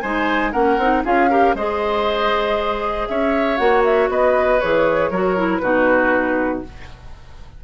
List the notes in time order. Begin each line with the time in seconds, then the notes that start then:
0.00 G#3 D#4 C5 G#5
0.52 A#3 C#4 A#4 F#5
0.77 C4 D#4
1.04 C#4 F4 G#4 F5
1.30 G4 A#4
1.54 G#3 G#4 C5 D#5
3.07 C#4 C#5 E5
3.57 A#3 F#4 F#5
3.84 E5
4.09 B3 B4 D#5
4.60 E3 G#4 C#5
5.10 F#3 F#4 A#4
5.36 E4
5.57 B2 D#4 F#4 B4